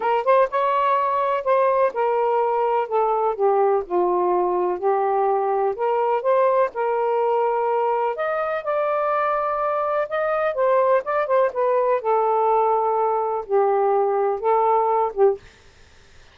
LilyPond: \new Staff \with { instrumentName = "saxophone" } { \time 4/4 \tempo 4 = 125 ais'8 c''8 cis''2 c''4 | ais'2 a'4 g'4 | f'2 g'2 | ais'4 c''4 ais'2~ |
ais'4 dis''4 d''2~ | d''4 dis''4 c''4 d''8 c''8 | b'4 a'2. | g'2 a'4. g'8 | }